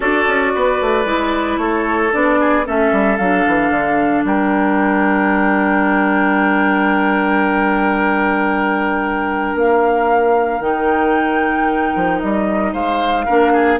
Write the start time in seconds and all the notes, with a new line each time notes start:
0.00 D4 F#4 A4 D5
0.27 C#4
0.54 B3 B4
0.81 A3
1.05 G#3 E4
1.57 A3 A4 C#5
2.11 B3 D4 D5
2.39 G#4
2.65 A3 C#4 A4 E5
2.92 G3
3.16 F#3 D4 F5
3.47 E3
3.69 D3
4.24 G3 A#4 G5
9.55 A#3 F5
10.60 D#3 D#4 G5
11.95 F3
12.20 G3 D#5
12.72 G#3 C5 F5
13.25 A#3 D4 A#4
13.52 G#4